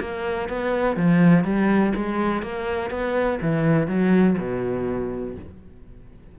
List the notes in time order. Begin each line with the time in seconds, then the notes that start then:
0.00 A#3
0.48 B3
0.96 F3
1.44 G3
1.95 G#3
2.42 A#3
2.90 B3
3.41 E3
3.87 F#3
4.37 B2